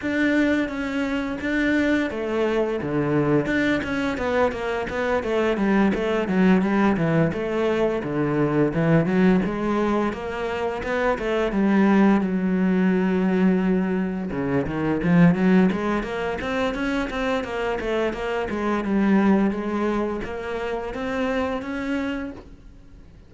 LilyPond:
\new Staff \with { instrumentName = "cello" } { \time 4/4 \tempo 4 = 86 d'4 cis'4 d'4 a4 | d4 d'8 cis'8 b8 ais8 b8 a8 | g8 a8 fis8 g8 e8 a4 d8~ | d8 e8 fis8 gis4 ais4 b8 |
a8 g4 fis2~ fis8~ | fis8 cis8 dis8 f8 fis8 gis8 ais8 c'8 | cis'8 c'8 ais8 a8 ais8 gis8 g4 | gis4 ais4 c'4 cis'4 | }